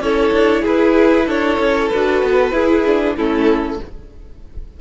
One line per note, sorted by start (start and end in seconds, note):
0.00 0.32 C#4
0.00 1.92 E4
0.00 0.62 A4
0.00 0.64 C#5
0.32 0.64 D4
0.62 1.27 E4
0.62 1.25 G#4
0.62 1.29 B4
1.27 1.59 D4
1.27 2.54 A4
1.27 1.89 C#5
1.59 1.91 C#4
1.89 2.23 D4
1.89 2.52 F#4
1.89 3.15 B4
2.23 2.52 B3
2.52 2.83 E4
2.52 3.15 E4
2.52 3.17 G#4
2.86 3.18 D4
3.17 3.80 A3
3.17 3.81 C#4
3.17 3.80 E4
3.17 3.81 A4